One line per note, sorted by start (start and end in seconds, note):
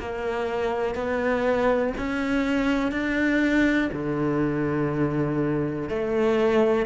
0.00 0.95 A#3
0.95 1.94 B3
1.98 2.92 C#4
2.92 3.90 D4
3.93 5.89 D3
5.89 6.86 A3